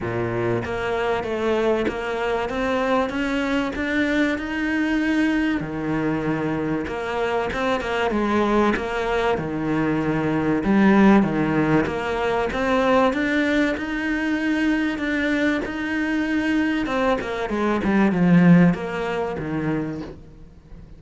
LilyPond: \new Staff \with { instrumentName = "cello" } { \time 4/4 \tempo 4 = 96 ais,4 ais4 a4 ais4 | c'4 cis'4 d'4 dis'4~ | dis'4 dis2 ais4 | c'8 ais8 gis4 ais4 dis4~ |
dis4 g4 dis4 ais4 | c'4 d'4 dis'2 | d'4 dis'2 c'8 ais8 | gis8 g8 f4 ais4 dis4 | }